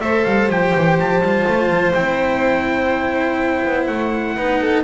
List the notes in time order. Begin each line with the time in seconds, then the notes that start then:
0.00 A3 A4 C5 E5
0.25 G3 F5
0.50 F3 G4 G5
0.76 E3
1.00 F3 A5
1.21 G3 F4
1.48 A3
1.70 F3
1.94 C4 E4 G5
3.66 B3
3.87 A3 F#5
4.36 B3 D#4 B4
4.61 A4